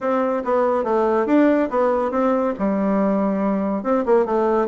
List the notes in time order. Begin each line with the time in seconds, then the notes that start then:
0.00 C4
0.44 B3
0.84 A3
1.26 D4
1.69 B3
2.11 C4
2.58 G3
3.83 C4
4.05 A#3
4.25 A3